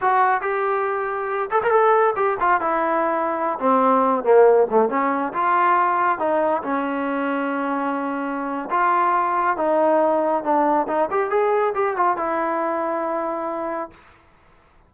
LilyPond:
\new Staff \with { instrumentName = "trombone" } { \time 4/4 \tempo 4 = 138 fis'4 g'2~ g'8 a'16 ais'16 | a'4 g'8 f'8 e'2~ | e'16 c'4. ais4 a8 cis'8.~ | cis'16 f'2 dis'4 cis'8.~ |
cis'1 | f'2 dis'2 | d'4 dis'8 g'8 gis'4 g'8 f'8 | e'1 | }